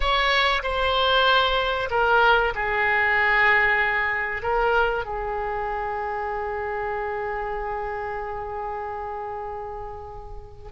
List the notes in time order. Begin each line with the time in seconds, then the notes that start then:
0.00 C#5
0.63 C5
1.90 A#4
2.54 G#4
4.42 A#4
5.05 G#4